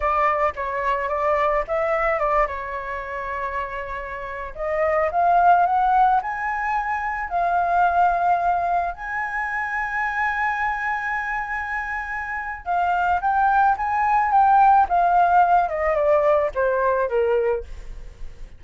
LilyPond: \new Staff \with { instrumentName = "flute" } { \time 4/4 \tempo 4 = 109 d''4 cis''4 d''4 e''4 | d''8 cis''2.~ cis''8~ | cis''16 dis''4 f''4 fis''4 gis''8.~ | gis''4~ gis''16 f''2~ f''8.~ |
f''16 gis''2.~ gis''8.~ | gis''2. f''4 | g''4 gis''4 g''4 f''4~ | f''8 dis''8 d''4 c''4 ais'4 | }